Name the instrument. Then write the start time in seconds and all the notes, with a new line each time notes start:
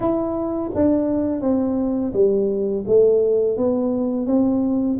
tuba
0.00 E4
0.74 D4
1.41 C4
2.13 G3
2.87 A3
3.57 B3
4.26 C4